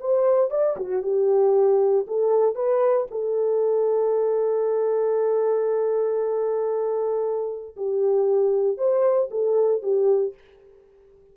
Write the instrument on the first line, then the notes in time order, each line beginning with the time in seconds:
horn
0.00 C5
0.51 D5
0.77 F#4
1.03 G4
2.07 A4
2.55 B4
3.11 A4
7.77 G4
8.78 C5
9.31 A4
9.83 G4